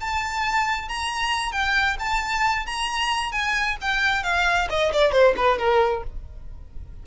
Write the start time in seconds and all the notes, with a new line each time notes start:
0.00 A5
0.88 A#5
1.52 G5
1.99 A5
2.66 A#5
3.32 G#5
3.81 G5
4.23 F5
4.69 D#5
4.92 D5
5.11 C5
5.36 B4
5.58 A#4